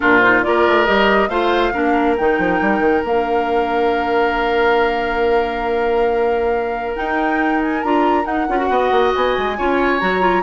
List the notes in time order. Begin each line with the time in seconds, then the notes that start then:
0.00 A#2 D4 F4 A#4
0.19 D#4 C5
0.42 A#3 F4 A#4 D5
0.67 A3
0.85 G3 G4 D#5
1.28 A3 F4 C5 F5
1.73 A#3 D4 A#4
2.16 D#3 D#4 G5
2.38 F3
2.61 G3
2.79 D#3
3.04 A#3 D4 F5
6.95 D#4 G5
7.61 G#5
7.83 D4 F4 A#5
8.24 D#4 F#5
8.48 C#4 F4
8.58 F#4
8.69 B3 D#5
8.91 A#3
9.14 B3 G#5
9.37 G#3
9.57 C#4 F4 C#5
9.99 F#3 F#4 A#5
10.21 F4